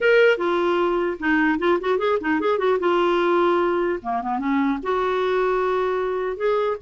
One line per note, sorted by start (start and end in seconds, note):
0.01 0.37 A#4
0.37 1.17 F4
1.19 1.58 D#4
1.58 1.78 F4
1.80 1.98 F#4
1.98 2.18 G#4
2.20 2.40 D#4
2.40 2.58 G#4
2.58 2.78 F#4
2.79 3.99 F4
4.02 4.21 A#3
4.21 4.39 B3
4.39 4.79 C#4
4.82 6.36 F#4
6.36 6.76 G#4